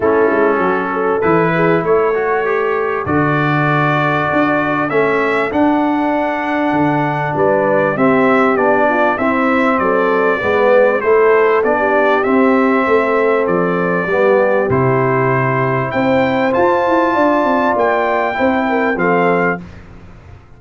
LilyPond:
<<
  \new Staff \with { instrumentName = "trumpet" } { \time 4/4 \tempo 4 = 98 a'2 b'4 cis''4~ | cis''4 d''2. | e''4 fis''2. | d''4 e''4 d''4 e''4 |
d''2 c''4 d''4 | e''2 d''2 | c''2 g''4 a''4~ | a''4 g''2 f''4 | }
  \new Staff \with { instrumentName = "horn" } { \time 4/4 e'4 fis'8 a'4 gis'8 a'4~ | a'1~ | a'1 | b'4 g'4. f'8 e'4 |
a'4 b'4 a'4~ a'16 g'8.~ | g'4 a'2 g'4~ | g'2 c''2 | d''2 c''8 ais'8 a'4 | }
  \new Staff \with { instrumentName = "trombone" } { \time 4/4 cis'2 e'4. fis'8 | g'4 fis'2. | cis'4 d'2.~ | d'4 c'4 d'4 c'4~ |
c'4 b4 e'4 d'4 | c'2. b4 | e'2. f'4~ | f'2 e'4 c'4 | }
  \new Staff \with { instrumentName = "tuba" } { \time 4/4 a8 gis8 fis4 e4 a4~ | a4 d2 d'4 | a4 d'2 d4 | g4 c'4 b4 c'4 |
fis4 gis4 a4 b4 | c'4 a4 f4 g4 | c2 c'4 f'8 e'8 | d'8 c'8 ais4 c'4 f4 | }
>>